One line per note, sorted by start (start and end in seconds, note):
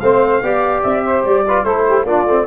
0.00 0.42 A3
0.00 0.43 C4
0.00 0.43 C5
0.00 0.82 F5
0.42 0.83 B3
0.42 1.46 G4
0.42 1.04 D5
0.82 1.23 C4
0.82 1.23 E5
1.04 1.45 C5
1.23 1.64 G3
1.23 1.64 D5
1.47 1.66 F4
1.47 1.64 B4
1.64 2.04 A3
1.64 2.07 E4
1.64 1.85 A4
1.64 2.05 C5
1.86 2.04 G4
2.04 2.25 A#3
2.04 2.28 D4
2.04 2.45 F4
2.04 2.46 D5
2.25 2.45 A3
2.25 2.46 C4